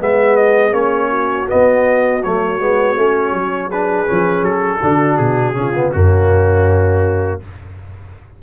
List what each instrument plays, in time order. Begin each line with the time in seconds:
0.00 tuba G#3, trombone B3, horn G#4, trumpet E5
0.37 trumpet D#5
0.72 tuba A#3, trombone C#4, trumpet C#5
1.10 horn F#4
1.47 trombone B3, tuba B3, trumpet D#5
2.23 tuba F#3, trombone A3, trumpet C#5
2.60 tuba G#3, trombone B3
2.96 tuba A3, trombone C#4
3.32 tuba F#3
3.66 horn G#4, trumpet B4
3.73 trombone D4
4.06 tuba F3, trombone C#4
4.42 tuba F#3, trumpet A4
4.82 tuba D3, trombone D4, horn F#4
5.17 tuba B2, trumpet G#4
5.54 tuba C#3, trombone C#4, horn F4
5.75 trombone B3
5.92 tuba F#2, trombone A#3, horn C#4, trumpet F#4